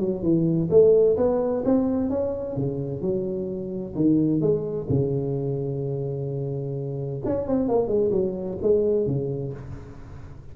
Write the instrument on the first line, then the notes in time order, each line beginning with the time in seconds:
tuba
0.00 F#3
0.23 E3
0.70 A3
1.18 B3
1.65 C4
2.10 C#4
2.56 C#3
3.02 F#3
3.96 D#3
4.41 G#3
4.90 C#3
7.26 C#4
7.48 C4
7.69 A#3
7.88 G#3
8.12 F#3
8.62 G#3
9.07 C#3